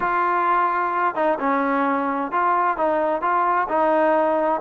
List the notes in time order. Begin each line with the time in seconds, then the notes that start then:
0.00 F4
1.15 D#4
1.39 C#4
2.31 F4
2.77 D#4
3.21 F4
3.68 D#4